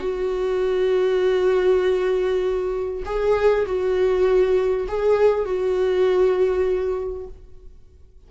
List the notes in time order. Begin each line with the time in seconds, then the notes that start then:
0.00 F#4
3.05 G#4
3.66 F#4
4.88 G#4
5.45 F#4